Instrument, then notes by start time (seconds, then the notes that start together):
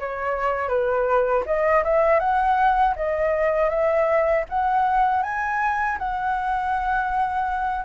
flute
0.00 C#5
0.69 B4
1.46 D#5
1.84 E5
2.20 F#5
2.96 D#5
3.70 E5
4.50 F#5
5.23 G#5
5.99 F#5